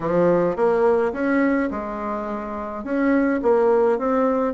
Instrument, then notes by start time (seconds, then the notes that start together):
bassoon
0.00 F3
0.56 A#3
1.12 C#4
1.70 G#3
2.84 C#4
3.42 A#3
3.98 C4